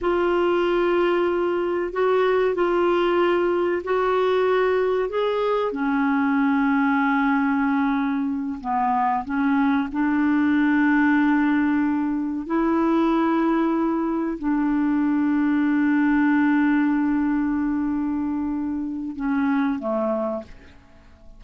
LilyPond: \new Staff \with { instrumentName = "clarinet" } { \time 4/4 \tempo 4 = 94 f'2. fis'4 | f'2 fis'2 | gis'4 cis'2.~ | cis'4. b4 cis'4 d'8~ |
d'2.~ d'8 e'8~ | e'2~ e'8 d'4.~ | d'1~ | d'2 cis'4 a4 | }